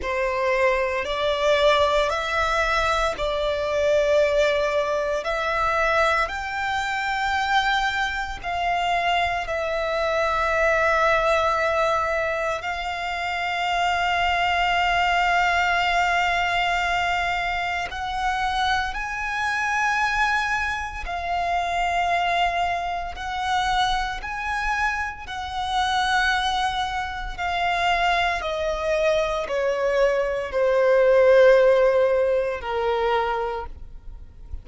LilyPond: \new Staff \with { instrumentName = "violin" } { \time 4/4 \tempo 4 = 57 c''4 d''4 e''4 d''4~ | d''4 e''4 g''2 | f''4 e''2. | f''1~ |
f''4 fis''4 gis''2 | f''2 fis''4 gis''4 | fis''2 f''4 dis''4 | cis''4 c''2 ais'4 | }